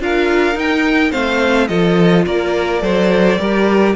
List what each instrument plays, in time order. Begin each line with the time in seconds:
0.00 cello D4, viola F4, violin A#4 F5
0.54 viola D#4, cello D#4, violin G5
1.12 cello A3, viola C4, violin C5 F5
1.68 cello F3, viola F4, violin A4 D#5
2.26 cello A#3, violin A#4 D5
2.81 cello F#3, viola A4, violin C5
3.39 cello G3, viola G4, violin A#4